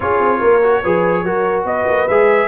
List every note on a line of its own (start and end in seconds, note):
0.00 0.19 C#4
0.00 0.62 F4
0.00 0.39 G#4
0.00 1.63 C#5
0.20 0.41 C4
0.39 0.84 A#3
0.39 0.81 A#4
0.62 0.83 F#4
0.82 1.23 F3
0.82 1.25 G#4
0.82 1.24 B4
1.23 1.64 F#3
1.23 2.09 F#4
1.23 1.66 A#4
1.64 1.85 B3
1.64 2.47 B4
1.64 2.07 D#5
1.87 2.08 A#3
2.07 2.47 G#3
2.07 2.47 G#4
2.07 2.47 E5